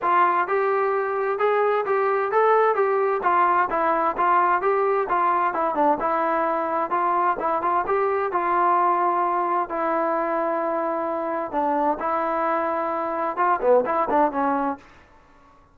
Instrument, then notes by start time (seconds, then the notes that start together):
trombone
0.02 F4
0.47 G4
1.38 G#4
1.85 G4
2.31 A4
2.75 G4
3.22 F4
3.70 E4
4.17 F4
4.61 G4
5.08 F4
5.53 E4
5.74 D4
6.00 E4
6.90 F4
7.39 E4
7.62 F4
7.86 G4
8.31 F4
9.69 E4
11.51 D4
11.99 E4
13.37 F4
13.61 B3
13.85 E4
14.09 D4
14.31 C#4